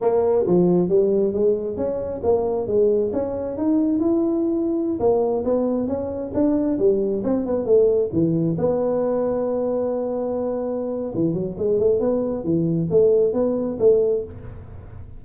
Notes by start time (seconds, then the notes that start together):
0.01 A#3
0.46 F3
0.88 G3
1.33 G#3
1.77 C#4
2.23 A#3
2.67 G#3
3.13 C#4
3.57 D#4
3.99 E4
4.99 A#3
5.44 B3
5.87 C#4
6.33 D4
6.78 G3
7.24 C4
7.45 B3
7.65 A3
8.12 E3
8.58 B3
11.14 E3
11.33 F#3
11.58 G#3
11.79 A3
12.00 B3
12.44 E3
12.90 A3
13.33 B3
13.79 A3